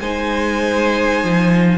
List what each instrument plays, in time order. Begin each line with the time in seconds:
0.00 cello G#3, viola D#4, violin C5 G#5
1.24 cello F3